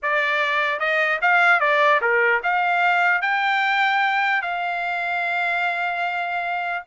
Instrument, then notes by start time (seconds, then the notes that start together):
trumpet
0.02 D5
0.79 D#5
1.21 F5
1.60 D5
2.01 A#4
2.43 F5
3.21 G5
4.41 F5